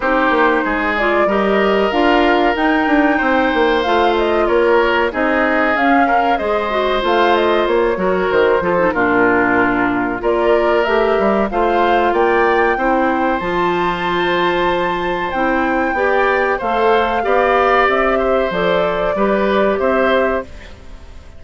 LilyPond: <<
  \new Staff \with { instrumentName = "flute" } { \time 4/4 \tempo 4 = 94 c''4. d''8 dis''4 f''4 | g''2 f''8 dis''8 cis''4 | dis''4 f''4 dis''4 f''8 dis''8 | cis''4 c''4 ais'2 |
d''4 e''4 f''4 g''4~ | g''4 a''2. | g''2 f''2 | e''4 d''2 e''4 | }
  \new Staff \with { instrumentName = "oboe" } { \time 4/4 g'4 gis'4 ais'2~ | ais'4 c''2 ais'4 | gis'4. ais'8 c''2~ | c''8 ais'4 a'8 f'2 |
ais'2 c''4 d''4 | c''1~ | c''4 d''4 c''4 d''4~ | d''8 c''4. b'4 c''4 | }
  \new Staff \with { instrumentName = "clarinet" } { \time 4/4 dis'4. f'8 g'4 f'4 | dis'2 f'2 | dis'4 cis'4 gis'8 fis'8 f'4~ | f'8 fis'4 f'16 dis'16 d'2 |
f'4 g'4 f'2 | e'4 f'2. | e'4 g'4 a'4 g'4~ | g'4 a'4 g'2 | }
  \new Staff \with { instrumentName = "bassoon" } { \time 4/4 c'8 ais8 gis4 g4 d'4 | dis'8 d'8 c'8 ais8 a4 ais4 | c'4 cis'4 gis4 a4 | ais8 fis8 dis8 f8 ais,2 |
ais4 a8 g8 a4 ais4 | c'4 f2. | c'4 b4 a4 b4 | c'4 f4 g4 c'4 | }
>>